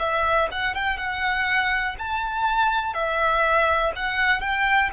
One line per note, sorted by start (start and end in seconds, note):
0.00 0.49 E5
0.52 0.75 F#5
0.75 0.98 G5
0.98 1.96 F#5
1.99 2.94 A5
2.94 3.93 E5
3.96 4.41 F#5
4.41 4.90 G5